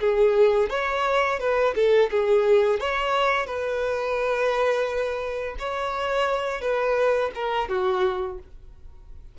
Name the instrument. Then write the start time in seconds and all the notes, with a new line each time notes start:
violin
0.00 G#4
0.69 C#5
1.40 B4
1.75 A4
2.11 G#4
2.80 C#5
3.47 B4
5.59 C#5
6.61 B4
7.35 A#4
7.69 F#4